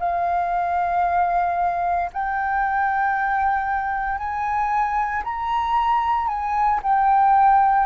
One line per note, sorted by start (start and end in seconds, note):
0.00 2.11 F5
2.13 4.18 G5
4.18 5.23 G#5
5.24 6.28 A#5
6.28 6.80 G#5
6.83 7.87 G5